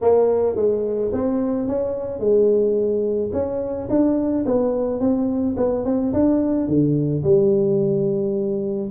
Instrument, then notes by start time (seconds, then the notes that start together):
tuba
0.01 A#3
0.56 G#3
1.12 C4
1.67 C#4
2.19 G#3
3.33 C#4
3.89 D4
4.45 B3
5.00 C4
5.57 B3
5.85 C4
6.13 D4
6.67 D3
7.23 G3